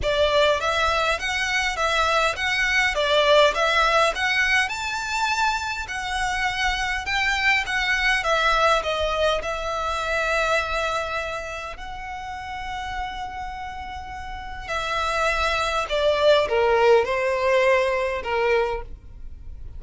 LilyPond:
\new Staff \with { instrumentName = "violin" } { \time 4/4 \tempo 4 = 102 d''4 e''4 fis''4 e''4 | fis''4 d''4 e''4 fis''4 | a''2 fis''2 | g''4 fis''4 e''4 dis''4 |
e''1 | fis''1~ | fis''4 e''2 d''4 | ais'4 c''2 ais'4 | }